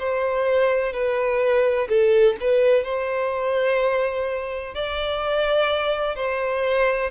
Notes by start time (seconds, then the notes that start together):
0.00 C5
0.93 B4
1.89 A4
2.41 B4
2.84 C5
4.75 D5
6.16 C5